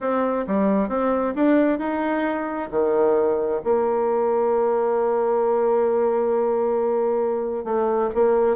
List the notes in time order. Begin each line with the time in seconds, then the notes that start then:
0.00 C4
0.47 G3
0.88 C4
1.35 D4
1.78 D#4
2.71 D#3
3.64 A#3
7.64 A3
8.14 A#3